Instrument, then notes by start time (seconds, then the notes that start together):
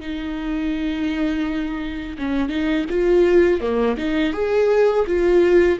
viola
0.00 D#4
2.18 C#4
2.49 D#4
2.90 F4
3.60 A#3
3.97 D#4
4.33 G#4
5.07 F4